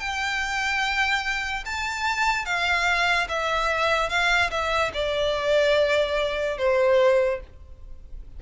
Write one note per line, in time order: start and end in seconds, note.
0.00 1.64 G5
1.66 2.45 A5
2.45 3.28 F5
3.29 4.09 E5
4.09 4.51 F5
4.51 4.92 E5
4.94 6.58 D5
6.58 7.40 C5